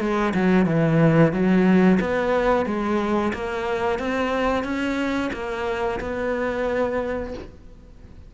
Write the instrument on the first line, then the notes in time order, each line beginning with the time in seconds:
cello
0.00 G#3
0.34 F#3
0.66 E3
1.32 F#3
2.00 B3
2.66 G#3
3.33 A#3
3.99 C4
4.64 C#4
5.33 A#3
6.00 B3